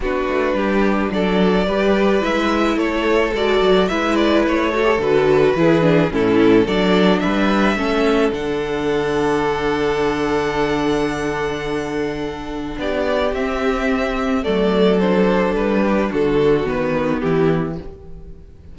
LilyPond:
<<
  \new Staff \with { instrumentName = "violin" } { \time 4/4 \tempo 4 = 108 b'2 d''2 | e''4 cis''4 d''4 e''8 d''8 | cis''4 b'2 a'4 | d''4 e''2 fis''4~ |
fis''1~ | fis''2. d''4 | e''2 d''4 c''4 | b'4 a'4 b'4 g'4 | }
  \new Staff \with { instrumentName = "violin" } { \time 4/4 fis'4 g'4 a'4 b'4~ | b'4 a'2 b'4~ | b'8 a'4. gis'4 e'4 | a'4 b'4 a'2~ |
a'1~ | a'2. g'4~ | g'2 a'2~ | a'8 g'8 fis'2 e'4 | }
  \new Staff \with { instrumentName = "viola" } { \time 4/4 d'2. g'4 | e'2 fis'4 e'4~ | e'8 fis'16 g'16 fis'4 e'8 d'8 cis'4 | d'2 cis'4 d'4~ |
d'1~ | d'1 | c'2 a4 d'4~ | d'2 b2 | }
  \new Staff \with { instrumentName = "cello" } { \time 4/4 b8 a8 g4 fis4 g4 | gis4 a4 gis8 fis8 gis4 | a4 d4 e4 a,4 | fis4 g4 a4 d4~ |
d1~ | d2. b4 | c'2 fis2 | g4 d4 dis4 e4 | }
>>